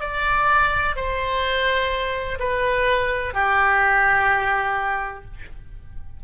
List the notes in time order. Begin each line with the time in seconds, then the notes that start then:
0.00 D5
0.96 C5
2.39 B4
3.34 G4